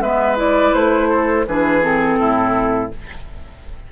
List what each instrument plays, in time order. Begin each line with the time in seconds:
0.00 bassoon G#3, clarinet B3, oboe B4, flute E5
0.36 clarinet E4, flute D5
0.73 bassoon A3, flute C5
1.09 oboe A4
1.47 bassoon E3, clarinet D4, oboe G#4, flute B4
1.81 clarinet C4, flute A4
2.19 bassoon A2, oboe E4